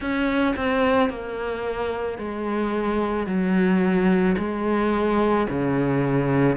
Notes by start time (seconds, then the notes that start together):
0.00 C#4
0.56 C4
1.09 A#3
2.18 G#3
3.26 F#3
4.38 G#3
5.49 C#3